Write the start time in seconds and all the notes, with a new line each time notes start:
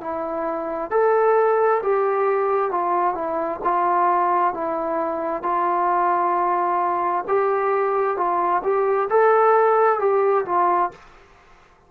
0.00 E4
0.90 A4
1.82 G4
2.71 F4
3.14 E4
3.64 F4
4.54 E4
5.42 F4
7.28 G4
8.17 F4
8.63 G4
9.09 A4
9.99 G4
10.45 F4